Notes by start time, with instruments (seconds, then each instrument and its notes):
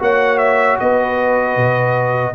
0.00 tuba A#3, trombone F#4, horn C#5, trumpet F#5
0.38 trumpet E5
0.80 tuba B3, horn B4, trumpet D#5
1.57 tuba B2